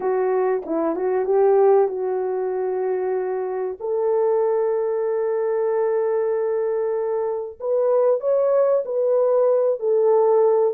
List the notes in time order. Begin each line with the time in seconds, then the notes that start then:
0.00 F#4
0.65 E4
0.95 F#4
1.25 G4
1.88 F#4
3.80 A4
7.60 B4
8.20 C#5
8.84 B4
9.79 A4